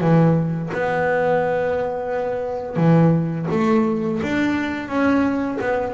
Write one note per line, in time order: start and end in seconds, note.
0.00 0.70 E3
0.73 2.76 B3
2.76 3.46 E3
3.50 4.20 A3
4.22 4.88 D4
4.88 5.58 C#4
5.61 5.94 B3